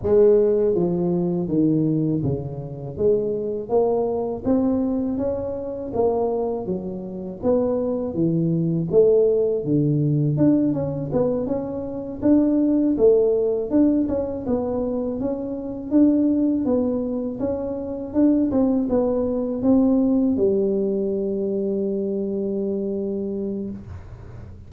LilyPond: \new Staff \with { instrumentName = "tuba" } { \time 4/4 \tempo 4 = 81 gis4 f4 dis4 cis4 | gis4 ais4 c'4 cis'4 | ais4 fis4 b4 e4 | a4 d4 d'8 cis'8 b8 cis'8~ |
cis'8 d'4 a4 d'8 cis'8 b8~ | b8 cis'4 d'4 b4 cis'8~ | cis'8 d'8 c'8 b4 c'4 g8~ | g1 | }